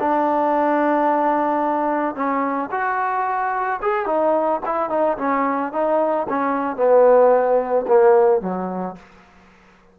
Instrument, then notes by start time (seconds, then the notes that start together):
trombone
0.00 D4
2.16 C#4
2.71 F#4
3.83 G#4
4.07 D#4
4.66 E4
4.90 D#4
5.18 C#4
5.73 D#4
6.29 C#4
6.77 B3
7.88 A#3
8.41 F#3